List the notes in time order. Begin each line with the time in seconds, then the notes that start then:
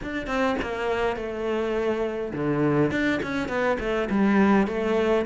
0.02 D4
0.26 C4
0.61 A#3
1.16 A3
2.33 D3
2.91 D4
3.22 C#4
3.48 B3
3.79 A3
4.10 G3
4.67 A3